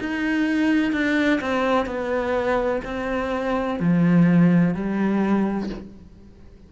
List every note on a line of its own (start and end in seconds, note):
0.00 0.92 D#4
0.92 1.40 D4
1.41 1.86 C4
1.86 2.81 B3
2.84 3.79 C4
3.79 4.74 F3
4.74 5.69 G3